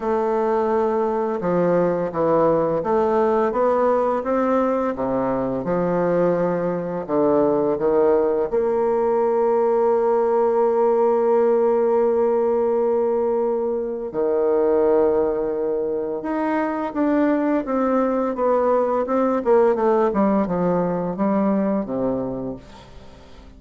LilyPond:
\new Staff \with { instrumentName = "bassoon" } { \time 4/4 \tempo 4 = 85 a2 f4 e4 | a4 b4 c'4 c4 | f2 d4 dis4 | ais1~ |
ais1 | dis2. dis'4 | d'4 c'4 b4 c'8 ais8 | a8 g8 f4 g4 c4 | }